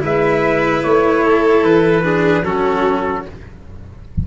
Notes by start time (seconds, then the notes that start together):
0.00 G#3 E4 B4 E5
0.84 A3 C#5
1.24 A4
1.63 E3 B4
2.03 D4 G#4
2.42 F#3 C#4 F#4 A4